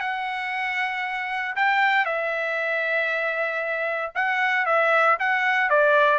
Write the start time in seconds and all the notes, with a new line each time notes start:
0.00 F#5
1.55 G5
2.05 E5
4.15 F#5
4.65 E5
5.19 F#5
5.70 D5